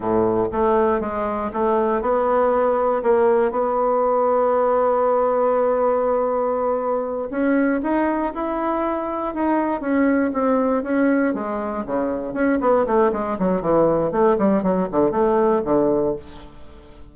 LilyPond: \new Staff \with { instrumentName = "bassoon" } { \time 4/4 \tempo 4 = 119 a,4 a4 gis4 a4 | b2 ais4 b4~ | b1~ | b2~ b8 cis'4 dis'8~ |
dis'8 e'2 dis'4 cis'8~ | cis'8 c'4 cis'4 gis4 cis8~ | cis8 cis'8 b8 a8 gis8 fis8 e4 | a8 g8 fis8 d8 a4 d4 | }